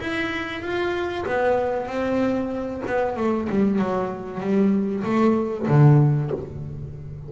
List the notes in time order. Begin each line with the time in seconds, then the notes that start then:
0.00 E4
0.62 F4
1.26 B3
1.87 C4
2.87 B3
3.17 A3
3.49 G3
3.79 F#3
4.40 G3
5.04 A3
5.68 D3